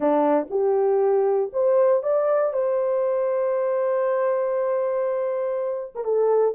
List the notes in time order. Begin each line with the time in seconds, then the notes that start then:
0.00 D4
0.50 G4
1.52 C5
2.02 D5
2.53 C5
5.95 A#4
6.04 A4